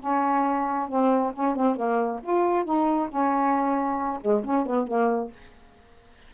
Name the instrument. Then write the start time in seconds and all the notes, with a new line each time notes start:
saxophone
0.00 C#4
0.89 C4
1.34 C#4
1.56 C4
1.76 A#3
2.23 F4
2.65 D#4
3.09 C#4
4.22 G#3
4.44 C#4
4.66 B3
4.87 A#3